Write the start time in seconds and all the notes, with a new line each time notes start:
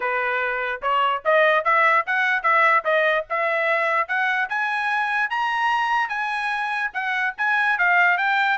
0.00 B4
0.81 C#5
1.24 D#5
1.64 E5
2.06 F#5
2.42 E5
2.84 D#5
3.29 E5
4.07 F#5
4.49 G#5
5.30 A#5
6.09 G#5
6.93 F#5
7.37 G#5
7.78 F5
8.17 G5